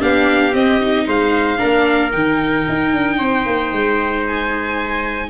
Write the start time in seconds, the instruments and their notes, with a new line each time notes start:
0.00 tuba B3, viola D4, trumpet G4, violin F5
0.53 viola C4, tuba C4, violin D#5
0.81 viola D#4
1.07 tuba G#3, trumpet C5, violin F5
1.58 tuba A#3, viola D4, trumpet A#4
2.12 tuba D#3, viola D#4, violin G5
2.69 tuba D#4
2.94 tuba D4
3.18 tuba C4, trumpet C5
3.46 tuba A#3
3.73 tuba G#3
4.28 violin G#5